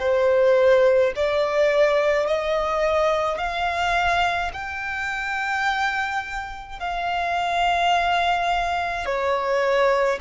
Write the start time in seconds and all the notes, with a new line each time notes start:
0.00 C5
1.16 D5
2.27 D#5
3.38 F5
4.53 G5
6.80 F5
9.06 C#5